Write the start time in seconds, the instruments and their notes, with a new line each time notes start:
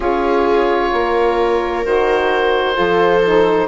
0.00 bassoon C#4, saxophone F4, viola G#4, oboe C#5
0.92 bassoon A#3, viola A#4
1.84 bassoon D#3, saxophone F#4, oboe C5
2.73 bassoon F3, saxophone F4, viola A4
3.24 saxophone D#4